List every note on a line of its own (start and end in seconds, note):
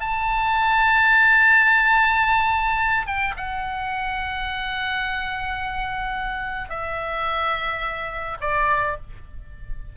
0.00 3.06 A5
3.06 3.34 G5
3.36 6.69 F#5
6.69 8.37 E5
8.40 8.96 D5